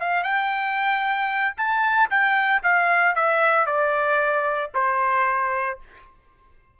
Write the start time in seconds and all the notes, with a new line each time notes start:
0.00 F5
0.24 G5
1.57 A5
2.10 G5
2.63 F5
3.16 E5
3.67 D5
4.74 C5